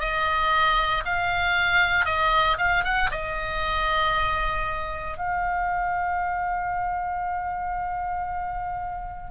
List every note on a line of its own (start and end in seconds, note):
0.00 1.03 D#5
1.05 2.05 F5
2.05 2.57 D#5
2.58 2.84 F5
2.84 3.10 F#5
3.11 5.18 D#5
5.18 9.31 F5